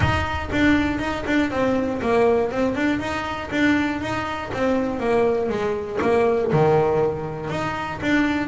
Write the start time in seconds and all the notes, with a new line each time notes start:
0.00 D#4
0.52 D4
0.99 D#4
1.26 D4
1.50 C4
2.01 A#3
2.51 C4
2.75 D4
2.99 D#4
3.51 D4
4.01 D#4
4.53 C4
4.99 A#3
5.49 G#3
6.01 A#3
6.52 D#3
7.50 D#4
8.01 D4